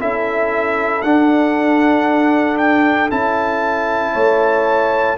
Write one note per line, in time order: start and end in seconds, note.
0.00 1.03 C#4
0.00 1.03 E4
0.00 4.13 A4
0.00 1.02 E5
1.02 3.10 D4
1.02 2.58 F#5
2.58 3.10 G5
3.10 4.15 C#4
3.10 5.17 E4
3.10 5.18 A5
4.13 5.18 A3
4.13 5.16 C#5